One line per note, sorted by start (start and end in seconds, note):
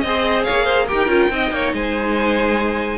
0.00 0.46 C4
0.00 0.88 G#4
0.00 0.43 D#5
0.06 0.45 C5
0.44 0.92 A#3
0.44 0.64 C#5
0.44 0.86 F5
0.64 0.85 C5
0.87 1.07 D#4
0.87 1.08 G4
0.87 1.31 A#4
0.87 1.72 G5
1.07 1.28 C#4
1.07 1.29 F4
1.29 1.51 C4
1.29 2.98 D#4
1.29 1.54 D#5
1.51 1.72 A#3
1.51 1.75 C#5
1.72 2.98 G#3
1.72 2.98 C5
1.72 2.98 G#5